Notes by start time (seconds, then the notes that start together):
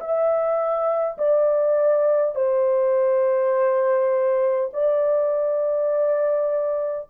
0.00 E5
1.18 D5
2.35 C5
4.73 D5